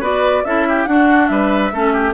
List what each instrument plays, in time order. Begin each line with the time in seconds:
0.00 bassoon B3, clarinet F#4, oboe B4, flute D5
0.44 bassoon C#4, clarinet E4, oboe A4, flute E5
0.68 oboe G4
0.85 bassoon D4, clarinet D4, oboe F#4, flute F#5
1.27 bassoon G3, oboe B4, flute E5
1.72 bassoon A3, clarinet C#4, oboe A4
1.93 oboe G4